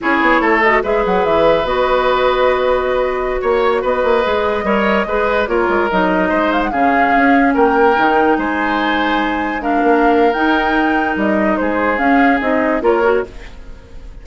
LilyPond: <<
  \new Staff \with { instrumentName = "flute" } { \time 4/4 \tempo 4 = 145 cis''4. dis''8 e''8 fis''8 e''4 | dis''1~ | dis''16 cis''4 dis''2~ dis''8.~ | dis''4~ dis''16 cis''4 dis''4. f''16 |
fis''16 f''2 g''4.~ g''16~ | g''16 gis''2. f''8.~ | f''4 g''2 dis''4 | c''4 f''4 dis''4 cis''4 | }
  \new Staff \with { instrumentName = "oboe" } { \time 4/4 gis'4 a'4 b'2~ | b'1~ | b'16 cis''4 b'2 cis''8.~ | cis''16 b'4 ais'2 c''8.~ |
c''16 gis'2 ais'4.~ ais'16~ | ais'16 c''2. ais'8.~ | ais'1 | gis'2. ais'4 | }
  \new Staff \with { instrumentName = "clarinet" } { \time 4/4 e'4. fis'8 gis'2 | fis'1~ | fis'2~ fis'16 gis'4 ais'8.~ | ais'16 gis'4 f'4 dis'4.~ dis'16~ |
dis'16 cis'2. dis'8.~ | dis'2.~ dis'16 d'8.~ | d'4 dis'2.~ | dis'4 cis'4 dis'4 f'8 fis'8 | }
  \new Staff \with { instrumentName = "bassoon" } { \time 4/4 cis'8 b8 a4 gis8 fis8 e4 | b1~ | b16 ais4 b8 ais8 gis4 g8.~ | g16 gis4 ais8 gis8 fis4 gis8.~ |
gis16 cis4 cis'4 ais4 dis8.~ | dis16 gis2.~ gis8 ais16~ | ais4 dis'2 g4 | gis4 cis'4 c'4 ais4 | }
>>